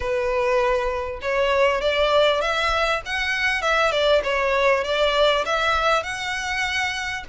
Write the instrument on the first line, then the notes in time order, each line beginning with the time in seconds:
violin
0.00 B4
1.21 C#5
1.81 D5
2.41 E5
3.05 F#5
3.61 E5
3.91 D5
4.23 C#5
4.84 D5
5.45 E5
6.03 F#5